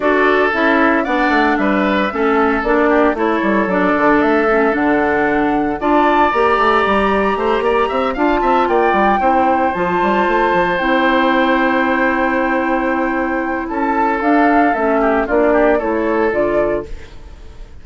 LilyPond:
<<
  \new Staff \with { instrumentName = "flute" } { \time 4/4 \tempo 4 = 114 d''4 e''4 fis''4 e''4~ | e''4 d''4 cis''4 d''4 | e''4 fis''2 a''4 | ais''2.~ ais''8 a''8~ |
a''8 g''2 a''4.~ | a''8 g''2.~ g''8~ | g''2 a''4 f''4 | e''4 d''4 cis''4 d''4 | }
  \new Staff \with { instrumentName = "oboe" } { \time 4/4 a'2 d''4 b'4 | a'4. g'8 a'2~ | a'2. d''4~ | d''2 c''8 d''8 e''8 f''8 |
e''8 d''4 c''2~ c''8~ | c''1~ | c''2 a'2~ | a'8 g'8 f'8 g'8 a'2 | }
  \new Staff \with { instrumentName = "clarinet" } { \time 4/4 fis'4 e'4 d'2 | cis'4 d'4 e'4 d'4~ | d'8 cis'8 d'2 f'4 | g'2.~ g'8 f'8~ |
f'4. e'4 f'4.~ | f'8 e'2.~ e'8~ | e'2. d'4 | cis'4 d'4 e'4 f'4 | }
  \new Staff \with { instrumentName = "bassoon" } { \time 4/4 d'4 cis'4 b8 a8 g4 | a4 ais4 a8 g8 fis8 d8 | a4 d2 d'4 | ais8 a8 g4 a8 ais8 c'8 d'8 |
c'8 ais8 g8 c'4 f8 g8 a8 | f8 c'2.~ c'8~ | c'2 cis'4 d'4 | a4 ais4 a4 d4 | }
>>